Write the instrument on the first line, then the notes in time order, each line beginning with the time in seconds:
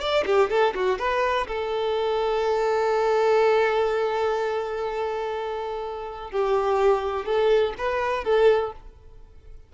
violin
0.00 D5
0.26 G4
0.50 A4
0.74 F#4
0.99 B4
1.47 A4
6.31 G4
7.25 A4
7.78 B4
8.24 A4